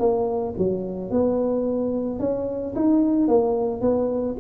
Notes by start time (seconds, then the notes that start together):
0.00 A#3
0.58 F#3
1.11 B3
2.20 C#4
2.75 D#4
3.28 A#3
3.81 B3